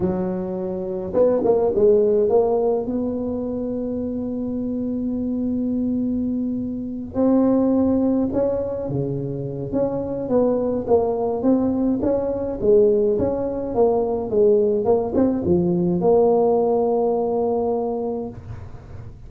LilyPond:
\new Staff \with { instrumentName = "tuba" } { \time 4/4 \tempo 4 = 105 fis2 b8 ais8 gis4 | ais4 b2.~ | b1~ | b8 c'2 cis'4 cis8~ |
cis4 cis'4 b4 ais4 | c'4 cis'4 gis4 cis'4 | ais4 gis4 ais8 c'8 f4 | ais1 | }